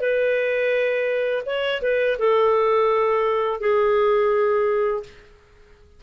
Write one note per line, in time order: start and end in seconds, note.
0.00 1.43 B4
1.46 1.81 C#5
1.81 2.17 B4
2.19 3.60 A4
3.60 5.03 G#4